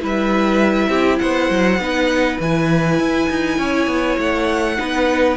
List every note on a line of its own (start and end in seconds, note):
0.00 0.88 G3
0.00 1.78 E4
0.00 0.89 B4
0.00 1.19 E5
0.88 1.18 C4
0.88 1.19 G4
1.19 1.50 B3
1.19 1.81 C5
1.19 2.37 F#5
1.50 1.79 F#3
1.79 2.38 B3
1.79 2.40 D#4
1.79 3.58 B4
2.40 2.99 E3
2.40 4.77 E4
2.40 4.19 G#5
2.99 3.29 E4
3.30 3.58 D#4
3.58 3.87 C#4
3.58 4.77 C#5
3.87 4.17 B3
4.19 4.78 A3
4.19 5.37 F#5
4.77 5.37 B3
4.77 5.37 D#4
4.77 5.37 B4